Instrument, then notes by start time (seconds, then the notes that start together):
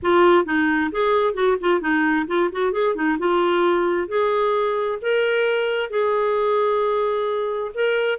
clarinet
0.02 F4
0.45 D#4
0.91 G#4
1.34 F#4
1.60 F4
1.80 D#4
2.27 F4
2.52 F#4
2.72 G#4
2.95 D#4
3.18 F4
4.08 G#4
5.01 A#4
5.89 G#4
7.74 A#4